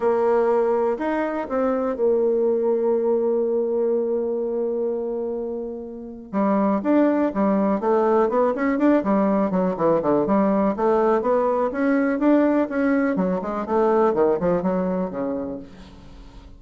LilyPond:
\new Staff \with { instrumentName = "bassoon" } { \time 4/4 \tempo 4 = 123 ais2 dis'4 c'4 | ais1~ | ais1~ | ais4 g4 d'4 g4 |
a4 b8 cis'8 d'8 g4 fis8 | e8 d8 g4 a4 b4 | cis'4 d'4 cis'4 fis8 gis8 | a4 dis8 f8 fis4 cis4 | }